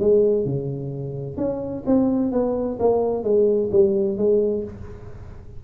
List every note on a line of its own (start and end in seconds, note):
0.00 0.45 G#3
0.45 1.37 C#3
1.37 1.84 C#4
1.86 2.32 C4
2.32 2.78 B3
2.79 3.23 A#3
3.23 3.70 G#3
3.72 4.18 G3
4.18 4.64 G#3